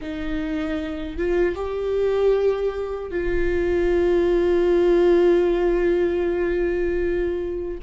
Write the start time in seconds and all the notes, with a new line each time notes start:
0.01 D#4
1.17 F4
1.55 G4
3.10 F4